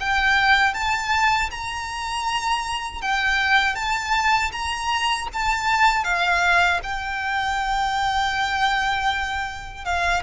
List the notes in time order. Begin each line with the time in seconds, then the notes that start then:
0.00 G5
0.74 A5
1.51 A#5
3.02 G5
3.75 A5
4.52 A#5
5.33 A5
6.04 F5
6.83 G5
9.85 F5